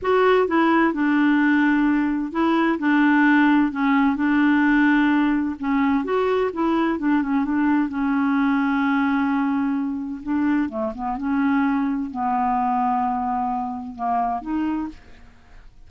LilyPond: \new Staff \with { instrumentName = "clarinet" } { \time 4/4 \tempo 4 = 129 fis'4 e'4 d'2~ | d'4 e'4 d'2 | cis'4 d'2. | cis'4 fis'4 e'4 d'8 cis'8 |
d'4 cis'2.~ | cis'2 d'4 a8 b8 | cis'2 b2~ | b2 ais4 dis'4 | }